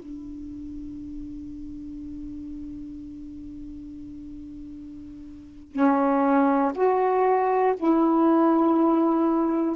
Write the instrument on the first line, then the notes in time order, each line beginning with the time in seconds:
saxophone
0.00 D4
5.73 C#4
6.75 F#4
7.77 E4